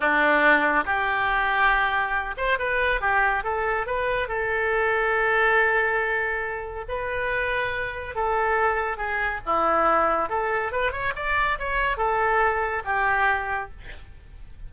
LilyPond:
\new Staff \with { instrumentName = "oboe" } { \time 4/4 \tempo 4 = 140 d'2 g'2~ | g'4. c''8 b'4 g'4 | a'4 b'4 a'2~ | a'1 |
b'2. a'4~ | a'4 gis'4 e'2 | a'4 b'8 cis''8 d''4 cis''4 | a'2 g'2 | }